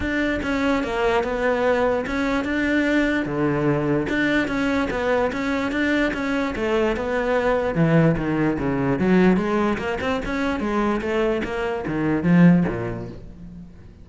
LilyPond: \new Staff \with { instrumentName = "cello" } { \time 4/4 \tempo 4 = 147 d'4 cis'4 ais4 b4~ | b4 cis'4 d'2 | d2 d'4 cis'4 | b4 cis'4 d'4 cis'4 |
a4 b2 e4 | dis4 cis4 fis4 gis4 | ais8 c'8 cis'4 gis4 a4 | ais4 dis4 f4 ais,4 | }